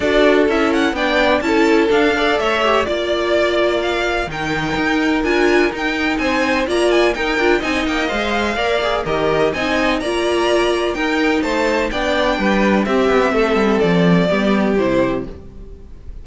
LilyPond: <<
  \new Staff \with { instrumentName = "violin" } { \time 4/4 \tempo 4 = 126 d''4 e''8 fis''8 g''4 a''4 | f''4 e''4 d''2 | f''4 g''2 gis''4 | g''4 gis''4 ais''8 gis''8 g''4 |
gis''8 g''8 f''2 dis''4 | gis''4 ais''2 g''4 | a''4 g''2 e''4~ | e''4 d''2 c''4 | }
  \new Staff \with { instrumentName = "violin" } { \time 4/4 a'2 d''4 a'4~ | a'8 d''8 cis''4 d''2~ | d''4 ais'2.~ | ais'4 c''4 d''4 ais'4 |
dis''2 d''4 ais'4 | dis''4 d''2 ais'4 | c''4 d''4 b'4 g'4 | a'2 g'2 | }
  \new Staff \with { instrumentName = "viola" } { \time 4/4 fis'4 e'4 d'4 e'4 | d'8 a'4 g'8 f'2~ | f'4 dis'2 f'4 | dis'2 f'4 dis'8 f'8 |
dis'4 c''4 ais'8 gis'8 g'4 | dis'4 f'2 dis'4~ | dis'4 d'2 c'4~ | c'2 b4 e'4 | }
  \new Staff \with { instrumentName = "cello" } { \time 4/4 d'4 cis'4 b4 cis'4 | d'4 a4 ais2~ | ais4 dis4 dis'4 d'4 | dis'4 c'4 ais4 dis'8 d'8 |
c'8 ais8 gis4 ais4 dis4 | c'4 ais2 dis'4 | a4 b4 g4 c'8 b8 | a8 g8 f4 g4 c4 | }
>>